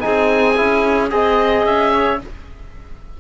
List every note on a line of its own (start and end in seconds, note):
0.00 0.60 C4
0.00 0.55 D#4
0.00 1.12 G#4
0.00 1.09 G#5
0.56 1.11 C#4
0.56 1.10 E4
1.10 1.66 C4
1.10 2.19 G#4
1.10 1.66 D#5
1.10 1.92 D#5
1.66 2.20 C#4
1.66 2.20 E5
1.92 2.19 C#5